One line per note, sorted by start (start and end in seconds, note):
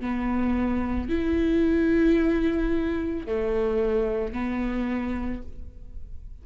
0.00 1.09 B3
1.09 3.26 E4
3.26 4.33 A3
4.33 5.42 B3